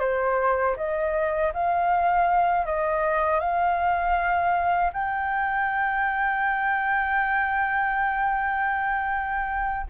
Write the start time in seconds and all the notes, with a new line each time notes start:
0.00 C5
0.77 D#5
1.54 F5
2.66 D#5
3.40 F5
4.93 G5